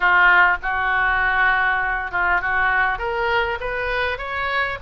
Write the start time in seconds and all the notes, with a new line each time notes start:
0.00 F4
0.62 F#4
2.11 F4
2.41 F#4
2.98 A#4
3.60 B4
4.18 C#5